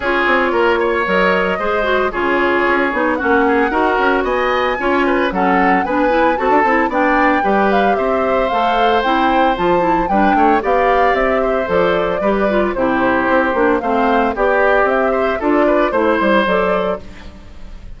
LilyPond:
<<
  \new Staff \with { instrumentName = "flute" } { \time 4/4 \tempo 4 = 113 cis''2 dis''2 | cis''2 fis''2 | gis''2 fis''4 gis''4 | a''4 g''4. f''8 e''4 |
f''4 g''4 a''4 g''4 | f''4 e''4 d''2 | c''2 f''4 d''4 | e''4 d''4 c''4 d''4 | }
  \new Staff \with { instrumentName = "oboe" } { \time 4/4 gis'4 ais'8 cis''4. c''4 | gis'2 fis'8 gis'8 ais'4 | dis''4 cis''8 b'8 a'4 b'4 | a'4 d''4 b'4 c''4~ |
c''2. b'8 cis''8 | d''4. c''4. b'4 | g'2 c''4 g'4~ | g'8 c''8 a'8 b'8 c''2 | }
  \new Staff \with { instrumentName = "clarinet" } { \time 4/4 f'2 ais'4 gis'8 fis'8 | f'4. dis'8 cis'4 fis'4~ | fis'4 f'4 cis'4 d'8 e'8 | fis'8 e'8 d'4 g'2 |
a'4 e'4 f'8 e'8 d'4 | g'2 a'4 g'8 f'8 | e'4. d'8 c'4 g'4~ | g'4 f'4 e'4 a'4 | }
  \new Staff \with { instrumentName = "bassoon" } { \time 4/4 cis'8 c'8 ais4 fis4 gis4 | cis4 cis'8 b8 ais4 dis'8 cis'8 | b4 cis'4 fis4 b4 | c'16 d'16 c'8 b4 g4 c'4 |
a4 c'4 f4 g8 a8 | b4 c'4 f4 g4 | c4 c'8 ais8 a4 b4 | c'4 d'4 a8 g8 fis4 | }
>>